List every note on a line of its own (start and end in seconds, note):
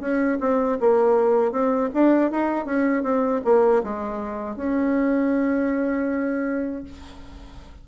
0.00 0.38 C#4
0.40 0.78 C4
0.80 1.52 A#3
1.52 1.90 C4
1.94 2.31 D4
2.31 2.65 D#4
2.65 3.03 C#4
3.03 3.41 C4
3.44 3.82 A#3
3.84 4.56 G#3
4.56 6.84 C#4